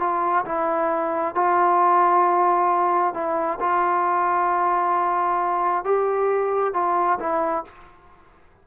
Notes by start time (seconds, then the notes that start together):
0.00 F4
0.46 E4
1.35 F4
3.14 E4
3.60 F4
5.85 G4
6.74 F4
7.20 E4